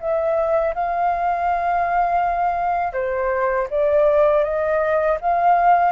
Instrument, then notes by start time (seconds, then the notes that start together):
flute
0.00 E5
0.74 F5
2.93 C5
3.70 D5
4.43 D#5
5.21 F5